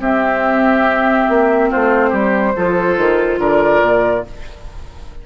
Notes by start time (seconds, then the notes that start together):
0.00 C4 G4 E5
1.29 A#3
1.70 A3 F4 C5
2.10 G3 G4
2.57 F3 F4 A4
2.98 D#3
3.38 D3 A#4 D5
3.82 A#2